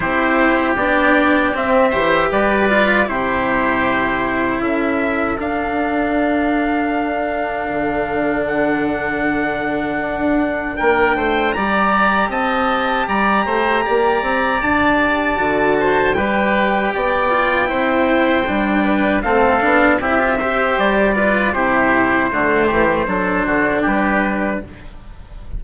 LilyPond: <<
  \new Staff \with { instrumentName = "trumpet" } { \time 4/4 \tempo 4 = 78 c''4 d''4 e''4 d''4 | c''2 e''4 f''4~ | f''2. fis''4~ | fis''2 g''4 ais''4 |
a''4 ais''2 a''4~ | a''4 g''2.~ | g''4 f''4 e''4 d''4 | c''2. b'4 | }
  \new Staff \with { instrumentName = "oboe" } { \time 4/4 g'2~ g'8 c''8 b'4 | g'2 a'2~ | a'1~ | a'2 ais'8 c''8 d''4 |
dis''4 d''8 c''8 d''2~ | d''8 c''8 b'4 d''4 c''4~ | c''8 b'8 a'4 g'8 c''4 b'8 | g'4 fis'8 g'8 a'8 fis'8 g'4 | }
  \new Staff \with { instrumentName = "cello" } { \time 4/4 e'4 d'4 c'8 g'4 f'8 | e'2. d'4~ | d'1~ | d'2. g'4~ |
g'1 | fis'4 g'4. f'8 e'4 | d'4 c'8 d'8 e'16 f'16 g'4 f'8 | e'4 a4 d'2 | }
  \new Staff \with { instrumentName = "bassoon" } { \time 4/4 c'4 b4 c'8 e8 g4 | c2 cis'4 d'4~ | d'2 d2~ | d4 d'4 ais8 a8 g4 |
c'4 g8 a8 ais8 c'8 d'4 | d4 g4 b4 c'4 | g4 a8 b8 c'4 g4 | c4 d8 e8 fis8 d8 g4 | }
>>